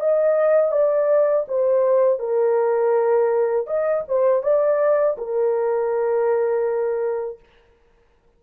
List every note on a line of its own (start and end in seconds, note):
0.00 0.72 D#5
0.72 1.46 D5
1.48 2.19 C5
2.19 3.67 A#4
3.67 4.04 D#5
4.08 4.43 C5
4.43 5.17 D5
5.18 7.40 A#4